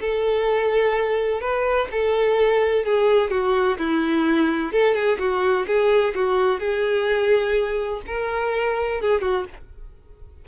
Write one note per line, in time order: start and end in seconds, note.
0.00 1.41 A4
1.41 1.88 B4
1.91 2.85 A4
2.85 3.30 G#4
3.30 3.78 F#4
3.78 4.72 E4
4.72 4.94 A4
4.94 5.18 G#4
5.19 5.66 F#4
5.66 6.14 G#4
6.15 6.59 F#4
6.59 8.01 G#4
8.06 9.01 A#4
9.01 9.21 G#4
9.21 9.45 F#4